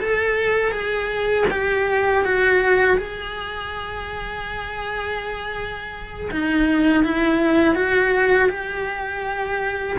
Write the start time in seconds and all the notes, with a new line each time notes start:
0.00 A4
0.72 G#4
1.51 G4
2.25 F#4
2.98 G#4
6.31 D#4
7.04 E4
7.75 F#4
8.49 G4